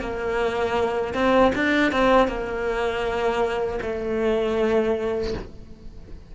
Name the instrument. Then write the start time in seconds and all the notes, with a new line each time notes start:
cello
0.00 A#3
1.14 C4
1.55 D4
1.92 C4
2.28 A#3
3.82 A3